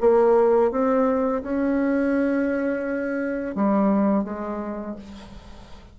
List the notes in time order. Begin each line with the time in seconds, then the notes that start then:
0.00 A#3
0.71 C4
1.42 C#4
3.55 G3
4.24 G#3